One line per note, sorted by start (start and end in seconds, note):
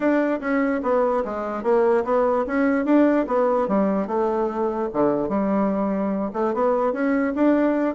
0.00 0.40 D4
0.40 0.81 C#4
0.82 1.23 B3
1.24 1.63 G#3
1.63 2.04 A#3
2.04 2.45 B3
2.46 2.85 C#4
2.85 3.25 D4
3.27 3.67 B3
3.68 4.07 G3
4.07 4.88 A3
4.93 5.29 D3
5.29 6.31 G3
6.33 6.53 A3
6.54 6.92 B3
6.92 7.33 C#4
7.35 7.95 D4